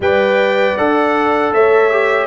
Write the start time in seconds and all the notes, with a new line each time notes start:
0.00 G3 B4 D5 G5
0.77 D4 A4 F#5
1.52 A3 C#5 E5
1.91 G4